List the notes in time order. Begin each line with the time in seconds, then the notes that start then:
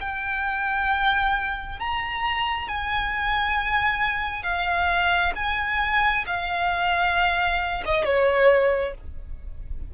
0.00 G5
1.79 A#5
2.68 G#5
4.42 F5
5.35 G#5
6.26 F5
7.85 D#5
8.04 C#5